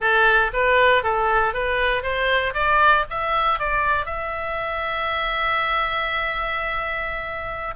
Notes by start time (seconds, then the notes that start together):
0.00 A4
0.53 B4
1.03 A4
1.53 B4
2.02 C5
2.54 D5
3.09 E5
3.59 D5
4.05 E5